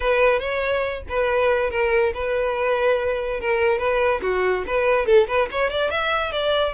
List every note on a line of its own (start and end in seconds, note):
0.00 0.39 B4
0.39 1.03 C#5
1.09 1.70 B4
1.70 2.12 A#4
2.14 3.40 B4
3.40 3.78 A#4
3.78 4.20 B4
4.22 4.64 F#4
4.66 5.06 B4
5.06 5.27 A4
5.27 5.48 B4
5.51 5.70 C#5
5.70 5.90 D5
5.90 6.32 E5
6.32 6.74 D5